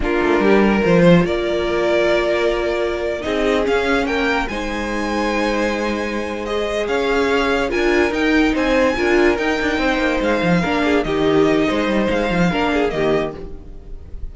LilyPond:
<<
  \new Staff \with { instrumentName = "violin" } { \time 4/4 \tempo 4 = 144 ais'2 c''4 d''4~ | d''2.~ d''8. dis''16~ | dis''8. f''4 g''4 gis''4~ gis''16~ | gis''2.~ gis''8 dis''8~ |
dis''8 f''2 gis''4 g''8~ | g''8 gis''2 g''4.~ | g''8 f''2 dis''4.~ | dis''4 f''2 dis''4 | }
  \new Staff \with { instrumentName = "violin" } { \time 4/4 f'4 g'8 ais'4 c''8 ais'4~ | ais'2.~ ais'8. gis'16~ | gis'4.~ gis'16 ais'4 c''4~ c''16~ | c''1~ |
c''8 cis''2 ais'4.~ | ais'8 c''4 ais'2 c''8~ | c''4. ais'8 gis'8 g'4. | c''2 ais'8 gis'8 g'4 | }
  \new Staff \with { instrumentName = "viola" } { \time 4/4 d'2 f'2~ | f'2.~ f'8. dis'16~ | dis'8. cis'2 dis'4~ dis'16~ | dis'2.~ dis'8 gis'8~ |
gis'2~ gis'8 f'4 dis'8~ | dis'4. f'4 dis'4.~ | dis'4. d'4 dis'4.~ | dis'2 d'4 ais4 | }
  \new Staff \with { instrumentName = "cello" } { \time 4/4 ais8 a8 g4 f4 ais4~ | ais2.~ ais8. c'16~ | c'8. cis'4 ais4 gis4~ gis16~ | gis1~ |
gis8 cis'2 d'4 dis'8~ | dis'8 c'4 d'4 dis'8 d'8 c'8 | ais8 gis8 f8 ais4 dis4. | gis8 g8 gis8 f8 ais4 dis4 | }
>>